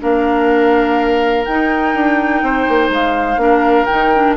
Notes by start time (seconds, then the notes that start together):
0.00 A#3 D4 A#4 F5
1.45 D#4 G5
1.95 D4
2.42 C4 C5
2.69 A#3
2.90 G#3 F5
3.37 A#3 D4 A#4
3.86 D#3 D#4 G5
4.15 D4